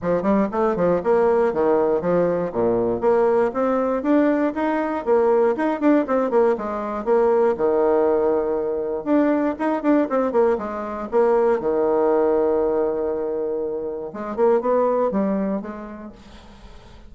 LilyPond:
\new Staff \with { instrumentName = "bassoon" } { \time 4/4 \tempo 4 = 119 f8 g8 a8 f8 ais4 dis4 | f4 ais,4 ais4 c'4 | d'4 dis'4 ais4 dis'8 d'8 | c'8 ais8 gis4 ais4 dis4~ |
dis2 d'4 dis'8 d'8 | c'8 ais8 gis4 ais4 dis4~ | dis1 | gis8 ais8 b4 g4 gis4 | }